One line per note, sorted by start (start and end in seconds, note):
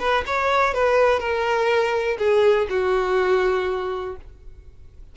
0.00 0.24 B4
0.27 0.75 C#5
0.75 1.20 B4
1.20 2.18 A#4
2.19 2.68 G#4
2.70 4.16 F#4